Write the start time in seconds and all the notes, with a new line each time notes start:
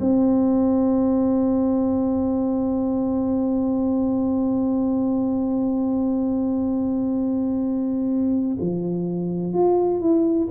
0.00 C4
8.60 F3
9.53 F4
10.00 E4